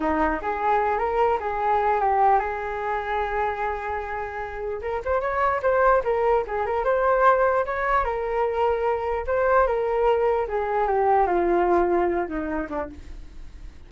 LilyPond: \new Staff \with { instrumentName = "flute" } { \time 4/4 \tempo 4 = 149 dis'4 gis'4. ais'4 gis'8~ | gis'4 g'4 gis'2~ | gis'1 | ais'8 c''8 cis''4 c''4 ais'4 |
gis'8 ais'8 c''2 cis''4 | ais'2. c''4 | ais'2 gis'4 g'4 | f'2~ f'8 dis'4 d'8 | }